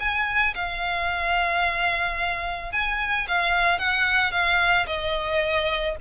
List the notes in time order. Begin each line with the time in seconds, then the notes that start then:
0.00 G#5
0.55 F5
2.72 G#5
3.28 F5
3.79 F#5
4.32 F5
4.87 D#5